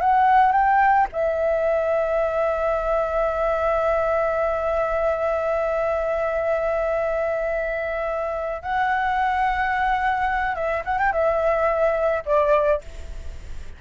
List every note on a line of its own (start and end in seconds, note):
0.00 0.52 F#5
0.52 1.07 G5
1.12 8.62 E5
8.62 10.55 F#5
10.55 10.83 E5
10.84 10.98 F#5
10.98 11.12 G5
11.12 12.23 E5
12.25 12.81 D5